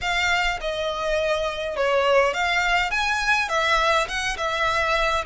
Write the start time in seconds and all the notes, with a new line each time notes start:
0.01 F5
0.61 D#5
1.76 C#5
2.33 F5
2.90 G#5
3.48 E5
4.08 F#5
4.37 E5